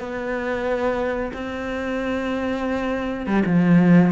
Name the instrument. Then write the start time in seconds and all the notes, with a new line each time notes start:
cello
0.00 B3
1.33 C4
3.27 G3
3.46 F3